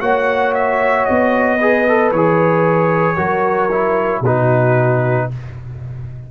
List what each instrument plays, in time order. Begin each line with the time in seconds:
0.00 tuba A#3, trombone F#4, horn C#5, trumpet F#5
0.54 trumpet E5
1.05 tuba B3, trumpet D#5
1.57 trombone G#4, horn B4
1.87 trombone A4
2.11 tuba E3, trombone G#4, trumpet C#5
3.16 tuba F#3, trombone F#4, horn A#4
3.71 trombone E4
4.20 tuba B2, trombone D#4, horn F#4, trumpet B4